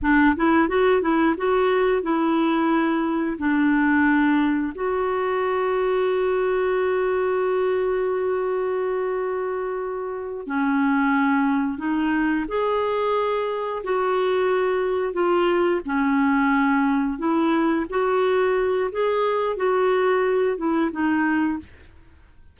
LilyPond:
\new Staff \with { instrumentName = "clarinet" } { \time 4/4 \tempo 4 = 89 d'8 e'8 fis'8 e'8 fis'4 e'4~ | e'4 d'2 fis'4~ | fis'1~ | fis'2.~ fis'8 cis'8~ |
cis'4. dis'4 gis'4.~ | gis'8 fis'2 f'4 cis'8~ | cis'4. e'4 fis'4. | gis'4 fis'4. e'8 dis'4 | }